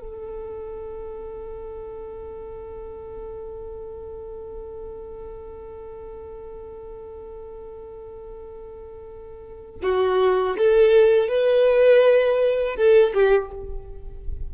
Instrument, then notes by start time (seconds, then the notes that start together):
violin
0.00 A4
9.82 F#4
10.58 A4
11.28 B4
12.76 A4
13.14 G4